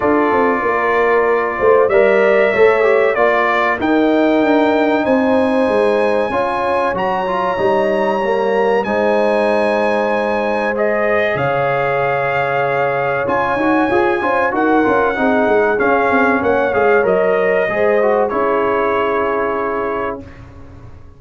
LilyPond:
<<
  \new Staff \with { instrumentName = "trumpet" } { \time 4/4 \tempo 4 = 95 d''2. e''4~ | e''4 d''4 g''2 | gis''2. ais''4~ | ais''2 gis''2~ |
gis''4 dis''4 f''2~ | f''4 gis''2 fis''4~ | fis''4 f''4 fis''8 f''8 dis''4~ | dis''4 cis''2. | }
  \new Staff \with { instrumentName = "horn" } { \time 4/4 a'4 ais'4. c''8 d''4 | cis''4 d''4 ais'2 | c''2 cis''2~ | cis''2 c''2~ |
c''2 cis''2~ | cis''2~ cis''8 c''8 ais'4 | gis'2 cis''2 | c''4 gis'2. | }
  \new Staff \with { instrumentName = "trombone" } { \time 4/4 f'2. ais'4 | a'8 g'8 f'4 dis'2~ | dis'2 f'4 fis'8 f'8 | dis'4 ais4 dis'2~ |
dis'4 gis'2.~ | gis'4 f'8 fis'8 gis'8 f'8 fis'8 f'8 | dis'4 cis'4. gis'8 ais'4 | gis'8 fis'8 e'2. | }
  \new Staff \with { instrumentName = "tuba" } { \time 4/4 d'8 c'8 ais4. a8 g4 | a4 ais4 dis'4 d'4 | c'4 gis4 cis'4 fis4 | g2 gis2~ |
gis2 cis2~ | cis4 cis'8 dis'8 f'8 cis'8 dis'8 cis'8 | c'8 gis8 cis'8 c'8 ais8 gis8 fis4 | gis4 cis'2. | }
>>